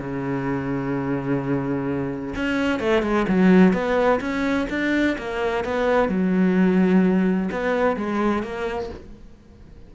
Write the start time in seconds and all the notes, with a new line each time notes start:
0.00 C#3
2.35 C#4
2.80 A3
3.03 G#3
3.28 F#3
3.73 B3
4.20 C#4
4.70 D4
5.18 A#3
5.64 B3
6.09 F#3
7.51 B3
7.96 G#3
8.43 A#3